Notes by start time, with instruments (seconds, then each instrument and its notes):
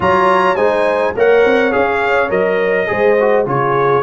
0.00 tuba F#3, trombone F4, horn C#5, trumpet A#5
0.55 tuba G#3, trombone D#4, horn C5, trumpet G#5
1.16 tuba A#3, trombone A#4, horn C#5, trumpet F#5
1.45 tuba C4
1.71 tuba C#4, trombone G#4, trumpet F5
2.29 tuba F#3, trombone A#4, trumpet D#5
2.87 tuba G#3, trombone G#4, horn C5
3.20 trombone F#4
3.45 tuba C#3, trombone F4, horn G#4, trumpet C#5